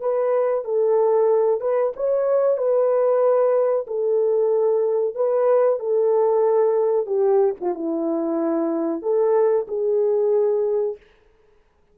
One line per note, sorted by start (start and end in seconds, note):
0.00 0.64 B4
0.64 1.60 A4
1.60 1.92 B4
1.96 2.57 C#5
2.57 3.86 B4
3.87 5.15 A4
5.15 5.79 B4
5.79 7.06 A4
7.06 7.54 G4
7.60 7.74 F4
7.74 9.02 E4
9.02 9.67 A4
9.67 10.96 G#4